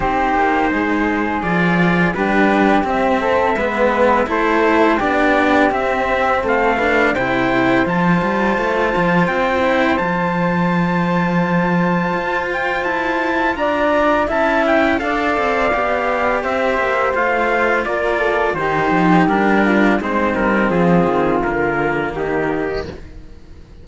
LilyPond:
<<
  \new Staff \with { instrumentName = "trumpet" } { \time 4/4 \tempo 4 = 84 c''2 d''4 b'4 | e''2 c''4 d''4 | e''4 f''4 g''4 a''4~ | a''4 g''4 a''2~ |
a''4. g''8 a''4 ais''4 | a''8 g''8 f''2 e''4 | f''4 d''4 c''4 ais'4 | c''8 ais'8 gis'4 ais'4 g'4 | }
  \new Staff \with { instrumentName = "flute" } { \time 4/4 g'4 gis'2 g'4~ | g'8 a'8 b'4 a'4 g'4~ | g'4 a'8 b'8 c''2~ | c''1~ |
c''2. d''4 | e''4 d''2 c''4~ | c''4 ais'8 a'8 g'4. f'8 | dis'4 f'2 dis'4 | }
  \new Staff \with { instrumentName = "cello" } { \time 4/4 dis'2 f'4 d'4 | c'4 b4 e'4 d'4 | c'4. d'8 e'4 f'4~ | f'4. e'8 f'2~ |
f'1 | e'4 a'4 g'2 | f'2 dis'4 d'4 | c'2 ais2 | }
  \new Staff \with { instrumentName = "cello" } { \time 4/4 c'8 ais8 gis4 f4 g4 | c'4 gis4 a4 b4 | c'4 a4 c4 f8 g8 | a8 f8 c'4 f2~ |
f4 f'4 e'4 d'4 | cis'4 d'8 c'8 b4 c'8 ais8 | a4 ais4 dis8 f8 g4 | gis8 g8 f8 dis8 d4 dis4 | }
>>